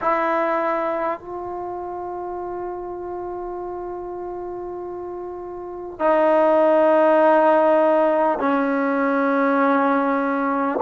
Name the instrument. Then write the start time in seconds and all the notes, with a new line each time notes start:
trombone
0.01 E4
1.19 F4
5.99 D#4
8.38 C#4